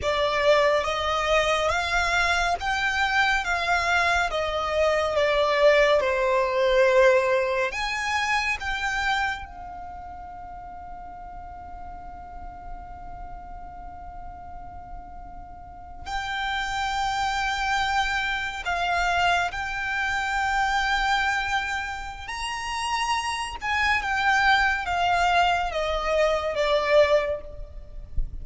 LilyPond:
\new Staff \with { instrumentName = "violin" } { \time 4/4 \tempo 4 = 70 d''4 dis''4 f''4 g''4 | f''4 dis''4 d''4 c''4~ | c''4 gis''4 g''4 f''4~ | f''1~ |
f''2~ f''8. g''4~ g''16~ | g''4.~ g''16 f''4 g''4~ g''16~ | g''2 ais''4. gis''8 | g''4 f''4 dis''4 d''4 | }